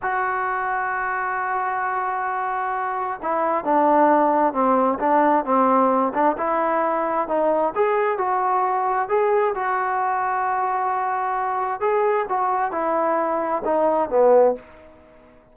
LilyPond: \new Staff \with { instrumentName = "trombone" } { \time 4/4 \tempo 4 = 132 fis'1~ | fis'2. e'4 | d'2 c'4 d'4 | c'4. d'8 e'2 |
dis'4 gis'4 fis'2 | gis'4 fis'2.~ | fis'2 gis'4 fis'4 | e'2 dis'4 b4 | }